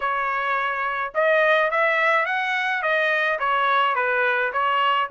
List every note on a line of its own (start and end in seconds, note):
0.00 1.13 C#5
1.14 1.70 D#5
1.70 2.25 E5
2.25 2.82 F#5
2.82 3.39 D#5
3.39 3.95 C#5
3.95 4.51 B4
4.52 5.09 C#5